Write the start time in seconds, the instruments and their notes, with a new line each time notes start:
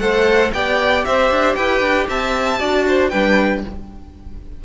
0.00 cello A3, viola A4, violin C5 F#5
0.54 cello B3, viola G4, violin D5 G5
1.05 cello C4, violin C5 E5
1.31 cello D4
1.55 cello E4, violin B4 G5
1.81 cello D4
2.09 cello C4, violin E5 A5
2.60 cello D4, viola F#4, violin D5
2.89 violin C5
3.09 cello G3, viola D4, violin B4 G5